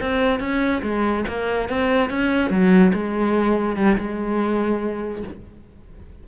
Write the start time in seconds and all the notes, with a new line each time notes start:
0.00 C4
0.39 C#4
0.82 G#3
1.28 A#3
1.69 C4
2.10 C#4
2.50 F#3
2.93 G#3
3.76 G3
3.97 G#3